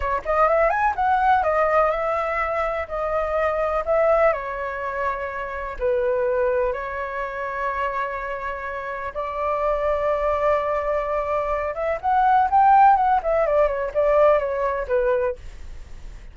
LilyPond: \new Staff \with { instrumentName = "flute" } { \time 4/4 \tempo 4 = 125 cis''8 dis''8 e''8 gis''8 fis''4 dis''4 | e''2 dis''2 | e''4 cis''2. | b'2 cis''2~ |
cis''2. d''4~ | d''1~ | d''8 e''8 fis''4 g''4 fis''8 e''8 | d''8 cis''8 d''4 cis''4 b'4 | }